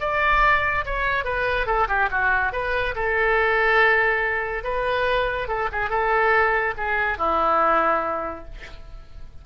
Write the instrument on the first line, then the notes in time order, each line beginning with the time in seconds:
oboe
0.00 D5
0.85 C#5
1.24 B4
1.66 A4
1.88 G4
2.11 F#4
2.52 B4
2.95 A4
4.63 B4
5.48 A4
5.72 G#4
5.89 A4
6.77 G#4
7.18 E4